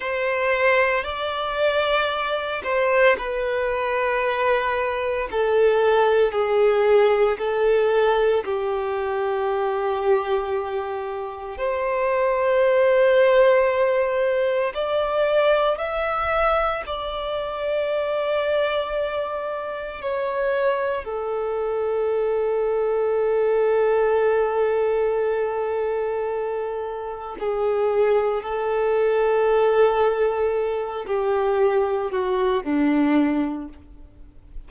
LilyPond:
\new Staff \with { instrumentName = "violin" } { \time 4/4 \tempo 4 = 57 c''4 d''4. c''8 b'4~ | b'4 a'4 gis'4 a'4 | g'2. c''4~ | c''2 d''4 e''4 |
d''2. cis''4 | a'1~ | a'2 gis'4 a'4~ | a'4. g'4 fis'8 d'4 | }